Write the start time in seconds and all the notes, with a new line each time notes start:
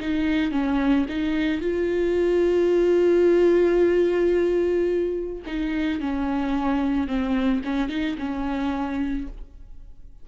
0.00 D#4
0.52 C#4
1.09 D#4
1.61 F4
5.47 D#4
6.00 C#4
7.08 C4
7.65 C#4
7.89 D#4
8.19 C#4